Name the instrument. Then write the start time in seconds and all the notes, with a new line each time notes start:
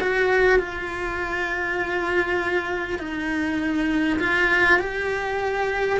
cello
0.00 F#4
0.59 F4
2.99 D#4
4.19 F4
4.79 G4